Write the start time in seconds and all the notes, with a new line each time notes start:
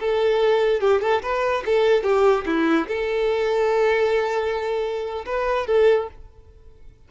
0.00 A4
0.81 G4
1.02 A4
1.23 B4
1.66 A4
2.04 G4
2.46 E4
2.88 A4
5.26 B4
5.67 A4